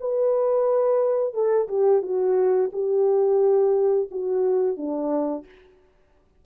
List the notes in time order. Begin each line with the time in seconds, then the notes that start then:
0.00 B4
1.34 A4
1.68 G4
2.02 F#4
2.72 G4
4.11 F#4
4.77 D4